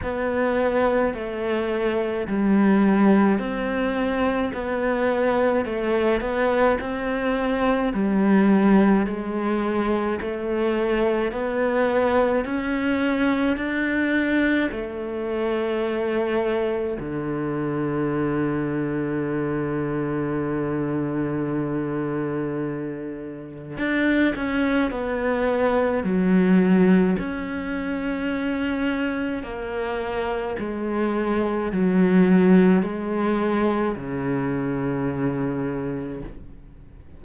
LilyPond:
\new Staff \with { instrumentName = "cello" } { \time 4/4 \tempo 4 = 53 b4 a4 g4 c'4 | b4 a8 b8 c'4 g4 | gis4 a4 b4 cis'4 | d'4 a2 d4~ |
d1~ | d4 d'8 cis'8 b4 fis4 | cis'2 ais4 gis4 | fis4 gis4 cis2 | }